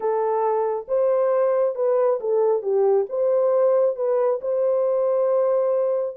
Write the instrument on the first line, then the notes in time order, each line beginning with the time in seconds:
horn
0.00 A4
0.87 C5
1.75 B4
2.20 A4
2.62 G4
3.09 C5
3.95 B4
4.41 C5